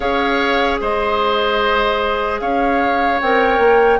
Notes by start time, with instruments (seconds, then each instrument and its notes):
0.00 bassoon C#4, clarinet G#4, oboe C#5, flute F5
0.81 bassoon G#3, oboe C5, flute D#5
2.40 bassoon C#4, oboe C#5, flute F5
3.20 bassoon C4, clarinet A#4, flute G5
3.58 bassoon A#3